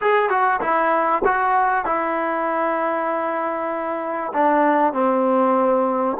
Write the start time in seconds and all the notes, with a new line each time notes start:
0.01 G#4
0.29 F#4
0.60 E4
1.25 F#4
1.85 E4
4.33 D4
4.93 C4